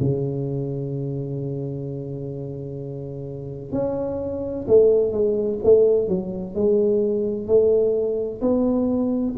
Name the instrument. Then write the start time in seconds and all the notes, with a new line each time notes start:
tuba
0.00 C#3
3.72 C#4
4.68 A3
5.12 G#3
5.64 A3
6.08 F#3
6.55 G#3
7.47 A3
8.42 B3